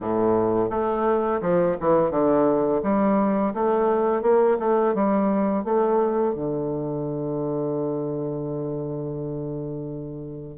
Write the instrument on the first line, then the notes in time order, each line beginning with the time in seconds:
bassoon
0.01 A2
0.70 A3
1.41 F3
1.80 E3
2.10 D3
2.82 G3
3.54 A3
4.22 A#3
4.59 A3
4.94 G3
5.64 A3
6.34 D3